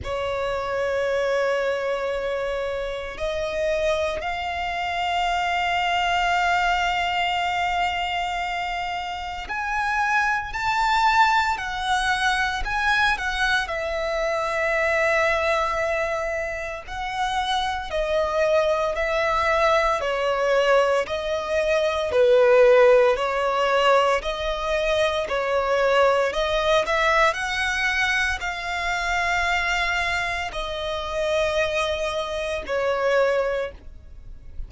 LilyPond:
\new Staff \with { instrumentName = "violin" } { \time 4/4 \tempo 4 = 57 cis''2. dis''4 | f''1~ | f''4 gis''4 a''4 fis''4 | gis''8 fis''8 e''2. |
fis''4 dis''4 e''4 cis''4 | dis''4 b'4 cis''4 dis''4 | cis''4 dis''8 e''8 fis''4 f''4~ | f''4 dis''2 cis''4 | }